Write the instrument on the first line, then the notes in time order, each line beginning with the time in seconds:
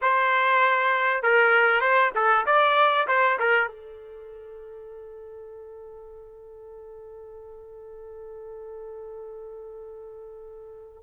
trumpet
0.01 C5
1.22 A#4
1.80 C5
2.15 A4
2.45 D5
3.07 C5
3.39 A#4
3.67 A4